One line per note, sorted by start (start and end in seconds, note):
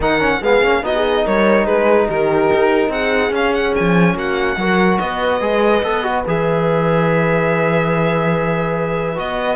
0.00 0.40 D#3
0.00 0.20 D#4
0.00 0.40 A#4
0.00 0.43 F#5
0.20 0.41 C#4
0.41 0.62 G#3
0.41 0.63 B3
0.41 0.83 G#4
0.41 0.85 F5
0.62 0.83 A#3
0.62 0.83 C#4
0.83 1.24 B3
0.83 3.33 D#4
0.83 0.95 F#4
0.83 1.26 D#5
0.95 1.25 G#4
1.25 1.66 G3
1.25 1.65 A#4
1.25 1.66 C#5
1.65 2.08 G#3
1.65 2.07 G#4
1.65 2.07 B4
2.07 2.50 D#3
2.07 2.90 G4
2.07 2.91 A#4
2.53 2.89 D#4
2.89 3.30 C4
2.89 4.15 G#4
2.89 3.33 F#5
3.30 3.71 C#4
3.30 4.59 C#4
3.30 3.53 F5
3.53 3.74 F#5
3.75 4.14 F3
3.75 4.16 G#5
4.14 4.56 A#3
4.14 4.57 F#4
4.14 4.98 F#5
4.56 4.98 F#3
4.56 5.40 F#4
4.56 5.01 A#4
4.98 5.40 B3
4.98 9.55 B4
4.98 6.23 D#5
5.40 5.82 G#3
5.40 5.82 G#4
5.82 6.24 B3
5.82 6.03 A4
6.03 6.24 F#4
6.26 9.18 E3
6.26 9.15 G#4
6.26 9.18 E5
9.15 9.55 B3
9.15 9.55 F#4
9.15 9.55 D#5